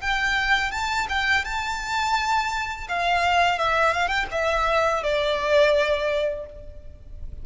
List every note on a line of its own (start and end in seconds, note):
0.00 0.71 G5
0.71 1.07 A5
1.09 1.44 G5
1.44 2.87 A5
2.88 3.58 F5
3.58 3.93 E5
3.93 4.07 F5
4.07 4.25 G5
4.31 5.03 E5
5.03 6.46 D5